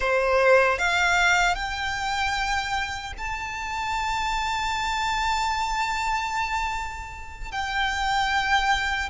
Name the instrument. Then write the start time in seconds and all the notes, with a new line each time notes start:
violin
0.00 C5
0.78 F5
1.55 G5
3.17 A5
7.51 G5